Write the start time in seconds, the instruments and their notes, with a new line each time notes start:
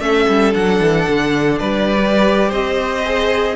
0.00 cello A3, viola C#4, violin A4 E5
0.29 cello G3
0.53 cello F#3, viola D4, violin F#5
0.81 cello E3
1.09 cello D3
1.59 cello G3, violin B4 D5
1.97 viola G4
2.49 cello C4, violin C5 D#5
3.06 viola G#4